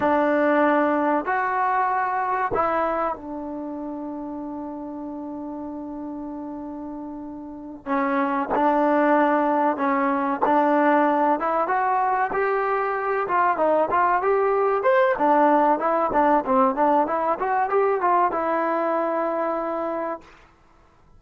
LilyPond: \new Staff \with { instrumentName = "trombone" } { \time 4/4 \tempo 4 = 95 d'2 fis'2 | e'4 d'2.~ | d'1~ | d'8 cis'4 d'2 cis'8~ |
cis'8 d'4. e'8 fis'4 g'8~ | g'4 f'8 dis'8 f'8 g'4 c''8 | d'4 e'8 d'8 c'8 d'8 e'8 fis'8 | g'8 f'8 e'2. | }